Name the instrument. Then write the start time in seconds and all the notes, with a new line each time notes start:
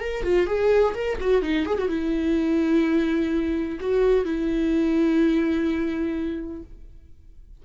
viola
0.00 A#4
0.24 F4
0.47 G#4
0.95 A#4
1.21 F#4
1.42 D#4
1.66 G#4
1.78 F#4
1.89 E4
3.80 F#4
4.25 E4